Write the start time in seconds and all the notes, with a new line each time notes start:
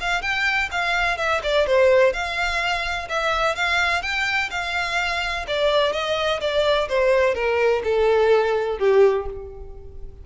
0.00 F5
0.22 G5
0.71 F5
1.17 E5
1.43 D5
1.67 C5
2.13 F5
3.09 E5
3.55 F5
4.02 G5
4.50 F5
5.47 D5
5.92 D#5
6.40 D5
6.88 C5
7.35 A#4
7.84 A4
8.78 G4